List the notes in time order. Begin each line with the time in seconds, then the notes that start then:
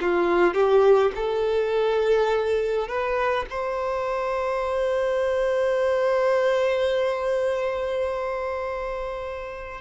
0.00 F4
0.53 G4
1.15 A4
2.87 B4
3.50 C5